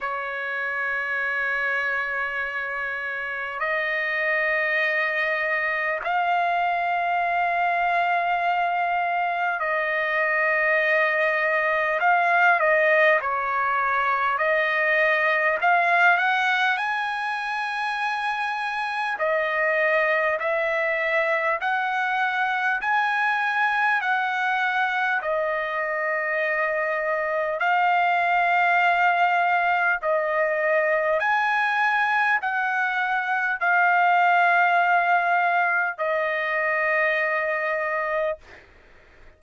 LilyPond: \new Staff \with { instrumentName = "trumpet" } { \time 4/4 \tempo 4 = 50 cis''2. dis''4~ | dis''4 f''2. | dis''2 f''8 dis''8 cis''4 | dis''4 f''8 fis''8 gis''2 |
dis''4 e''4 fis''4 gis''4 | fis''4 dis''2 f''4~ | f''4 dis''4 gis''4 fis''4 | f''2 dis''2 | }